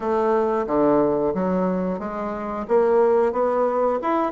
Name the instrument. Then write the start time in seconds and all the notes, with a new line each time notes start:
bassoon
0.00 A3
0.67 D3
1.34 F#3
1.99 G#3
2.68 A#3
3.32 B3
4.02 E4